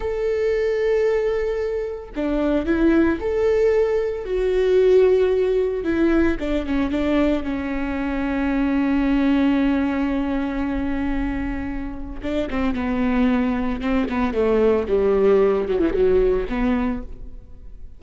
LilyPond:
\new Staff \with { instrumentName = "viola" } { \time 4/4 \tempo 4 = 113 a'1 | d'4 e'4 a'2 | fis'2. e'4 | d'8 cis'8 d'4 cis'2~ |
cis'1~ | cis'2. d'8 c'8 | b2 c'8 b8 a4 | g4. fis16 e16 fis4 b4 | }